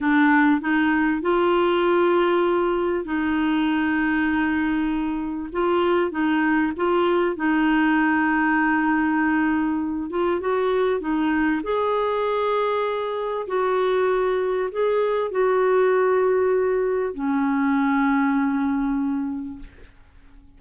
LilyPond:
\new Staff \with { instrumentName = "clarinet" } { \time 4/4 \tempo 4 = 98 d'4 dis'4 f'2~ | f'4 dis'2.~ | dis'4 f'4 dis'4 f'4 | dis'1~ |
dis'8 f'8 fis'4 dis'4 gis'4~ | gis'2 fis'2 | gis'4 fis'2. | cis'1 | }